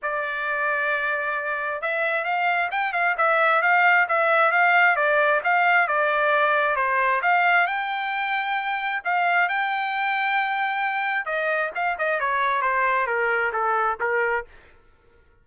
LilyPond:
\new Staff \with { instrumentName = "trumpet" } { \time 4/4 \tempo 4 = 133 d''1 | e''4 f''4 g''8 f''8 e''4 | f''4 e''4 f''4 d''4 | f''4 d''2 c''4 |
f''4 g''2. | f''4 g''2.~ | g''4 dis''4 f''8 dis''8 cis''4 | c''4 ais'4 a'4 ais'4 | }